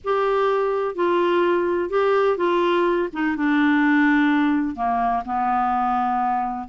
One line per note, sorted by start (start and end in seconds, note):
0.04 0.95 G4
0.95 1.89 F4
1.89 2.37 G4
2.37 3.08 F4
3.13 3.36 D#4
3.36 4.75 D4
4.75 5.23 A#3
5.25 6.68 B3